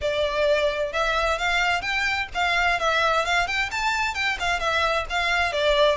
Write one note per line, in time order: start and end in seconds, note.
0.01 0.93 D5
0.93 1.38 E5
1.38 1.81 F5
1.81 2.27 G5
2.34 2.79 F5
2.79 3.25 E5
3.25 3.47 F5
3.47 3.70 G5
3.71 4.14 A5
4.14 4.37 G5
4.39 4.59 F5
4.59 5.05 E5
5.09 5.52 F5
5.52 5.96 D5